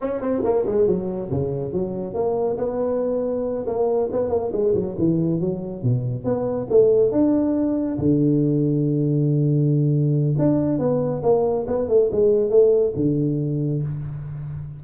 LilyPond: \new Staff \with { instrumentName = "tuba" } { \time 4/4 \tempo 4 = 139 cis'8 c'8 ais8 gis8 fis4 cis4 | fis4 ais4 b2~ | b8 ais4 b8 ais8 gis8 fis8 e8~ | e8 fis4 b,4 b4 a8~ |
a8 d'2 d4.~ | d1 | d'4 b4 ais4 b8 a8 | gis4 a4 d2 | }